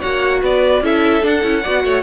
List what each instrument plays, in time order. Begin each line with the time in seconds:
0.00 cello A#3, viola F#4, violin C#5 F#5
0.43 cello B3, violin B4 D5
0.81 cello C#4, viola E4, violin A4 E5
1.22 viola D4, cello D4, violin F#5
1.43 cello C#4, viola E4
1.63 cello B3, viola F#4, violin D5
1.85 cello A3, violin C#5